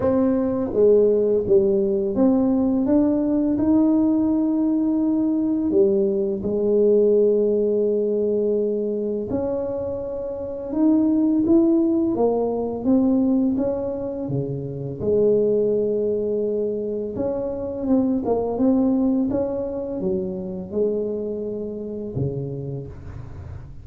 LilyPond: \new Staff \with { instrumentName = "tuba" } { \time 4/4 \tempo 4 = 84 c'4 gis4 g4 c'4 | d'4 dis'2. | g4 gis2.~ | gis4 cis'2 dis'4 |
e'4 ais4 c'4 cis'4 | cis4 gis2. | cis'4 c'8 ais8 c'4 cis'4 | fis4 gis2 cis4 | }